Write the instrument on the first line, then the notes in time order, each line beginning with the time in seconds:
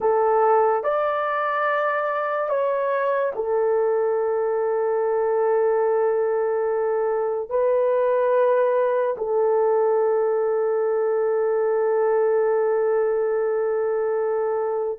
horn
0.00 A4
0.83 D5
2.49 C#5
3.35 A4
7.49 B4
9.17 A4